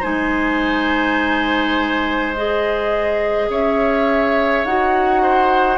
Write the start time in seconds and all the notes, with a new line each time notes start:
0.00 G#3 D#4 C5 G#5
2.34 G#4 D#5
3.49 C#4 C#5 E5
4.64 D#4 F#4 F#5
5.22 C5